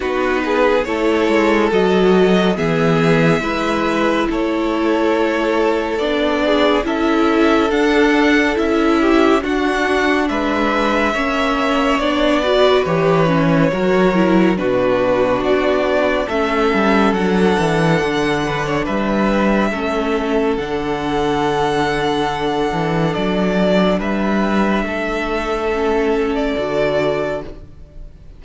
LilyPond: <<
  \new Staff \with { instrumentName = "violin" } { \time 4/4 \tempo 4 = 70 b'4 cis''4 dis''4 e''4~ | e''4 cis''2 d''4 | e''4 fis''4 e''4 fis''4 | e''2 d''4 cis''4~ |
cis''4 b'4 d''4 e''4 | fis''2 e''2 | fis''2. d''4 | e''2~ e''8. d''4~ d''16 | }
  \new Staff \with { instrumentName = "violin" } { \time 4/4 fis'8 gis'8 a'2 gis'4 | b'4 a'2~ a'8 gis'8 | a'2~ a'8 g'8 fis'4 | b'4 cis''4. b'4. |
ais'4 fis'2 a'4~ | a'4. b'16 cis''16 b'4 a'4~ | a'1 | b'4 a'2. | }
  \new Staff \with { instrumentName = "viola" } { \time 4/4 dis'4 e'4 fis'4 b4 | e'2. d'4 | e'4 d'4 e'4 d'4~ | d'4 cis'4 d'8 fis'8 g'8 cis'8 |
fis'8 e'8 d'2 cis'4 | d'2. cis'4 | d'1~ | d'2 cis'4 fis'4 | }
  \new Staff \with { instrumentName = "cello" } { \time 4/4 b4 a8 gis8 fis4 e4 | gis4 a2 b4 | cis'4 d'4 cis'4 d'4 | gis4 ais4 b4 e4 |
fis4 b,4 b4 a8 g8 | fis8 e8 d4 g4 a4 | d2~ d8 e8 fis4 | g4 a2 d4 | }
>>